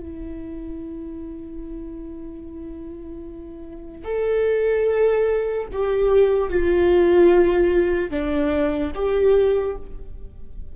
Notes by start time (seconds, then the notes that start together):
0.00 E4
4.05 A4
5.72 G4
6.50 F4
8.11 D4
8.95 G4